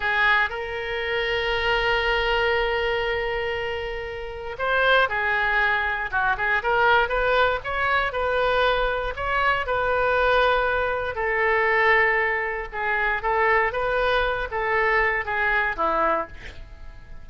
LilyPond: \new Staff \with { instrumentName = "oboe" } { \time 4/4 \tempo 4 = 118 gis'4 ais'2.~ | ais'1~ | ais'4 c''4 gis'2 | fis'8 gis'8 ais'4 b'4 cis''4 |
b'2 cis''4 b'4~ | b'2 a'2~ | a'4 gis'4 a'4 b'4~ | b'8 a'4. gis'4 e'4 | }